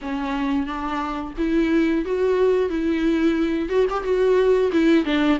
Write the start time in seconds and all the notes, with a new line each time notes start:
0.01 C#4
0.66 D4
1.37 E4
2.05 F#4
2.69 E4
3.69 F#4
3.90 G4
4.03 F#4
4.72 E4
5.04 D4